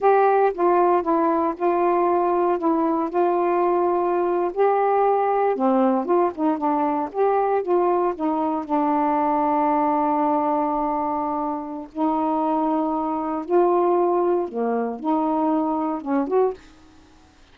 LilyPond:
\new Staff \with { instrumentName = "saxophone" } { \time 4/4 \tempo 4 = 116 g'4 f'4 e'4 f'4~ | f'4 e'4 f'2~ | f'8. g'2 c'4 f'16~ | f'16 dis'8 d'4 g'4 f'4 dis'16~ |
dis'8. d'2.~ d'16~ | d'2. dis'4~ | dis'2 f'2 | ais4 dis'2 cis'8 fis'8 | }